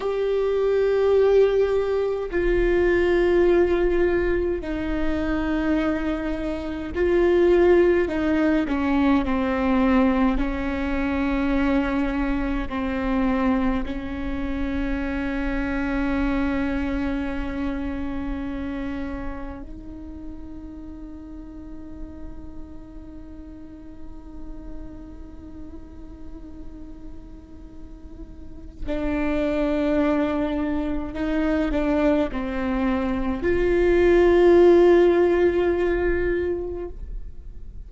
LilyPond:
\new Staff \with { instrumentName = "viola" } { \time 4/4 \tempo 4 = 52 g'2 f'2 | dis'2 f'4 dis'8 cis'8 | c'4 cis'2 c'4 | cis'1~ |
cis'4 dis'2.~ | dis'1~ | dis'4 d'2 dis'8 d'8 | c'4 f'2. | }